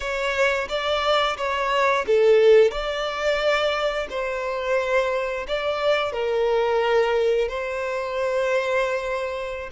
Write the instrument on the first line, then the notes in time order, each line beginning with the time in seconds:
violin
0.00 C#5
0.68 D5
1.37 C#5
2.06 A4
2.71 D5
4.09 C5
5.47 D5
6.12 A#4
7.48 C5